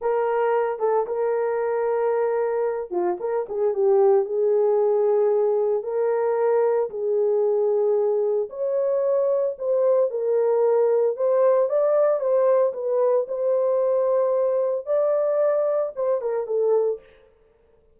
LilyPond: \new Staff \with { instrumentName = "horn" } { \time 4/4 \tempo 4 = 113 ais'4. a'8 ais'2~ | ais'4. f'8 ais'8 gis'8 g'4 | gis'2. ais'4~ | ais'4 gis'2. |
cis''2 c''4 ais'4~ | ais'4 c''4 d''4 c''4 | b'4 c''2. | d''2 c''8 ais'8 a'4 | }